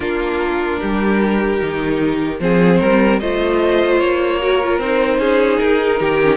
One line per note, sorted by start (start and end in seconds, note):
0.00 0.77 A#3
0.00 1.59 D4
0.00 0.80 F4
0.00 2.40 A#4
0.80 1.62 G3
0.80 2.40 G4
1.59 2.40 D#3
1.59 2.39 D#4
2.40 2.80 F3
2.40 3.20 C4
2.40 2.80 G#4
2.40 3.19 C5
2.80 3.21 G3
2.80 3.20 A#4
3.19 4.00 A3
3.19 4.41 F4
3.19 4.40 C5
3.19 3.99 D#5
3.99 4.78 A#3
3.99 4.79 C#5
4.41 4.61 F#4
4.41 5.19 A#4
4.63 4.81 F4
4.78 5.18 C4
4.78 6.21 D#4
4.78 5.58 C5
5.18 5.58 C#4
5.18 5.99 G#4
5.58 6.00 D#4
5.58 6.36 A#4
5.99 6.36 D#3
5.99 6.36 G4
6.22 6.36 C#4